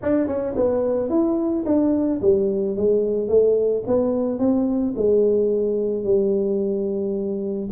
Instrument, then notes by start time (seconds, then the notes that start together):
tuba
0.02 D4
0.27 C#4
0.56 B3
1.09 E4
1.65 D4
2.21 G3
2.76 G#3
3.28 A3
3.87 B3
4.38 C4
4.96 G#3
6.04 G3